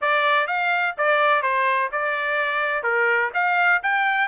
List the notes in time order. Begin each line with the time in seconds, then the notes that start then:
0.01 D5
0.47 F5
0.97 D5
1.42 C5
1.92 D5
2.83 A#4
3.34 F5
3.82 G5